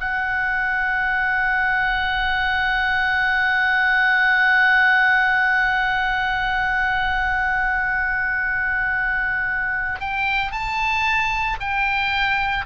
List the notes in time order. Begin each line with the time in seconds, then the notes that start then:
0.00 F#5
10.00 G5
10.52 A5
11.60 G5